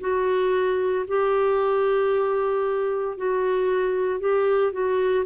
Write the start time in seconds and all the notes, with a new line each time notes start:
0.00 F#4
1.08 G4
3.17 F#4
4.20 G4
4.72 F#4